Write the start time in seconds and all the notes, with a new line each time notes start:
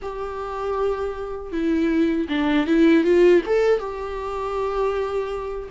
0.02 G4
1.52 E4
2.28 D4
2.67 E4
3.04 F4
3.46 A4
3.79 G4